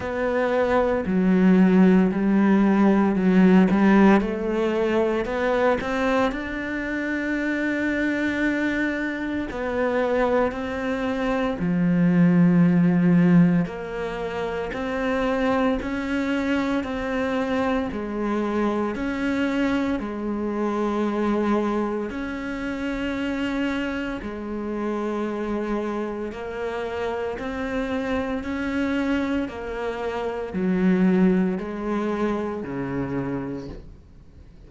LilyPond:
\new Staff \with { instrumentName = "cello" } { \time 4/4 \tempo 4 = 57 b4 fis4 g4 fis8 g8 | a4 b8 c'8 d'2~ | d'4 b4 c'4 f4~ | f4 ais4 c'4 cis'4 |
c'4 gis4 cis'4 gis4~ | gis4 cis'2 gis4~ | gis4 ais4 c'4 cis'4 | ais4 fis4 gis4 cis4 | }